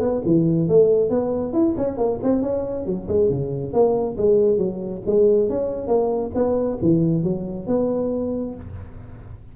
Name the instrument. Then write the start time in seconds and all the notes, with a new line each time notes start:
tuba
0.00 B3
0.25 E3
0.69 A3
1.10 B3
1.53 E4
1.78 C#4
1.97 A#3
2.23 C4
2.42 C#4
2.86 F#3
3.08 G#3
3.30 C#3
3.73 A#3
4.17 G#3
4.58 F#3
5.06 G#3
5.49 C#4
5.87 A#3
6.35 B3
6.82 E3
7.24 F#3
7.67 B3